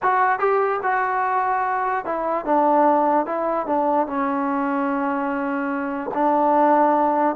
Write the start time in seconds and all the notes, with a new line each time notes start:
0.02 F#4
0.39 G4
0.83 F#4
2.05 E4
2.45 D4
3.26 E4
3.66 D4
4.06 C#4
6.14 D4